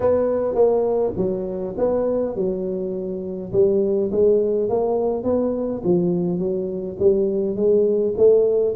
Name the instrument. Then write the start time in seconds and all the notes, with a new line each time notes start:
tuba
0.00 B3
0.54 A#3
1.17 F#3
1.77 B3
2.35 F#3
3.52 G3
4.11 G#3
4.69 A#3
5.23 B3
5.84 F3
6.38 F#3
6.99 G3
7.55 G#3
8.17 A3